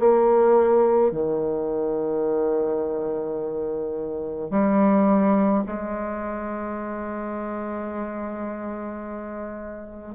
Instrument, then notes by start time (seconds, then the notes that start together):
bassoon
0.00 A#3
1.12 D#3
4.51 G3
5.67 G#3